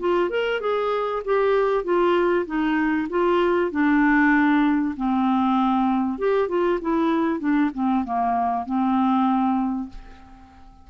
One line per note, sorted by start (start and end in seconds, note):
0.00 0.30 F4
0.30 0.61 A#4
0.61 1.23 G#4
1.25 1.84 G4
1.84 2.46 F4
2.46 3.08 D#4
3.10 3.72 F4
3.72 4.95 D4
4.97 6.19 C4
6.19 6.49 G4
6.49 6.80 F4
6.82 7.40 E4
7.40 7.71 D4
7.74 8.05 C4
8.05 8.66 A#3
8.66 9.90 C4